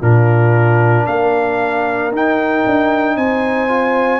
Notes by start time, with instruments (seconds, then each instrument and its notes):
0.00 tuba A#2, trombone D4, horn F4, trumpet A#4
1.06 tuba A#3, horn A#4, trumpet F5
2.11 tuba D#4, trombone D#4, trumpet G5
2.66 tuba D4
3.16 tuba C4, horn C5, trumpet G#5
3.68 trombone F4